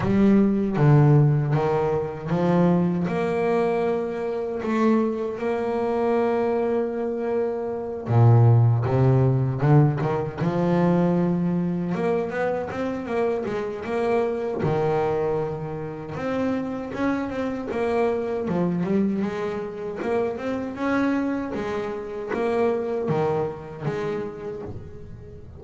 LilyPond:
\new Staff \with { instrumentName = "double bass" } { \time 4/4 \tempo 4 = 78 g4 d4 dis4 f4 | ais2 a4 ais4~ | ais2~ ais8 ais,4 c8~ | c8 d8 dis8 f2 ais8 |
b8 c'8 ais8 gis8 ais4 dis4~ | dis4 c'4 cis'8 c'8 ais4 | f8 g8 gis4 ais8 c'8 cis'4 | gis4 ais4 dis4 gis4 | }